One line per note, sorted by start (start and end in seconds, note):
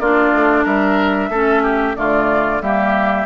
0.00 0.33 A#3
0.00 1.33 D4
0.00 0.65 F4
0.00 0.65 D5
0.33 0.66 A3
0.65 1.30 G3
0.65 1.30 A#4
0.65 1.96 E5
1.30 1.95 A3
1.30 1.96 C#4
1.30 1.63 A4
1.63 1.96 G4
1.96 2.62 D3
1.96 2.61 A3
1.96 2.63 F4
1.96 2.62 D5
2.62 3.26 G3
2.62 3.26 A#3
2.62 3.26 G4
2.62 3.26 E5